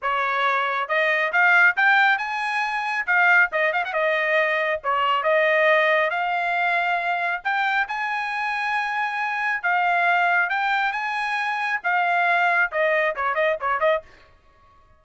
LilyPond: \new Staff \with { instrumentName = "trumpet" } { \time 4/4 \tempo 4 = 137 cis''2 dis''4 f''4 | g''4 gis''2 f''4 | dis''8 f''16 fis''16 dis''2 cis''4 | dis''2 f''2~ |
f''4 g''4 gis''2~ | gis''2 f''2 | g''4 gis''2 f''4~ | f''4 dis''4 cis''8 dis''8 cis''8 dis''8 | }